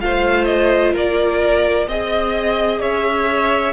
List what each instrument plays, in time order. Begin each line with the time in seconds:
0.00 cello A3, viola F4, violin C5 F5
0.44 violin D#5
0.93 cello A#3, violin A#4 D5
1.88 cello C4, viola G#4, violin D#5
2.80 cello C#4, violin C#5 E5